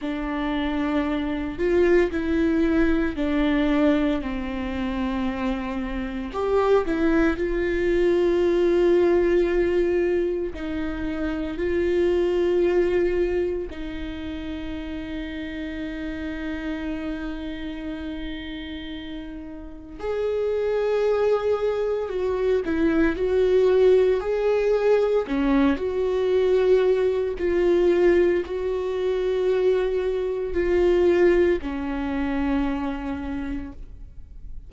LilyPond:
\new Staff \with { instrumentName = "viola" } { \time 4/4 \tempo 4 = 57 d'4. f'8 e'4 d'4 | c'2 g'8 e'8 f'4~ | f'2 dis'4 f'4~ | f'4 dis'2.~ |
dis'2. gis'4~ | gis'4 fis'8 e'8 fis'4 gis'4 | cis'8 fis'4. f'4 fis'4~ | fis'4 f'4 cis'2 | }